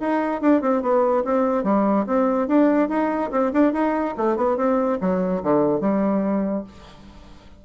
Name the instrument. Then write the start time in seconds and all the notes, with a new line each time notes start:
bassoon
0.00 D#4
0.41 D4
0.61 C4
0.82 B3
1.24 C4
1.63 G3
2.06 C4
2.48 D4
2.89 D#4
3.31 C4
3.52 D4
3.73 D#4
4.17 A3
4.36 B3
4.57 C4
5.01 F#3
5.42 D3
5.80 G3